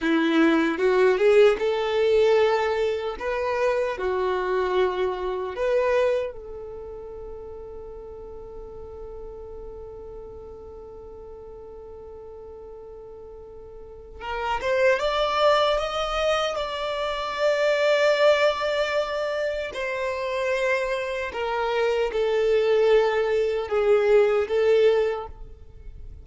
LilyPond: \new Staff \with { instrumentName = "violin" } { \time 4/4 \tempo 4 = 76 e'4 fis'8 gis'8 a'2 | b'4 fis'2 b'4 | a'1~ | a'1~ |
a'2 ais'8 c''8 d''4 | dis''4 d''2.~ | d''4 c''2 ais'4 | a'2 gis'4 a'4 | }